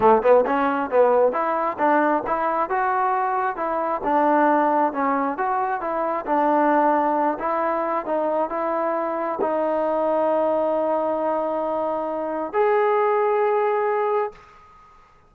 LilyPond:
\new Staff \with { instrumentName = "trombone" } { \time 4/4 \tempo 4 = 134 a8 b8 cis'4 b4 e'4 | d'4 e'4 fis'2 | e'4 d'2 cis'4 | fis'4 e'4 d'2~ |
d'8 e'4. dis'4 e'4~ | e'4 dis'2.~ | dis'1 | gis'1 | }